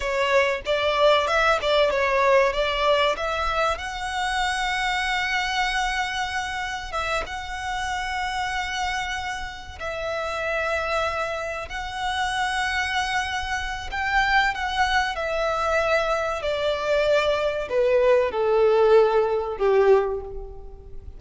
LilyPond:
\new Staff \with { instrumentName = "violin" } { \time 4/4 \tempo 4 = 95 cis''4 d''4 e''8 d''8 cis''4 | d''4 e''4 fis''2~ | fis''2. e''8 fis''8~ | fis''2.~ fis''8 e''8~ |
e''2~ e''8 fis''4.~ | fis''2 g''4 fis''4 | e''2 d''2 | b'4 a'2 g'4 | }